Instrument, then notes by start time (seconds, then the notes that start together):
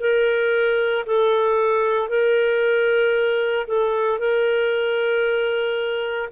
clarinet
0.00 A#4
1.06 A4
2.09 A#4
3.67 A4
4.19 A#4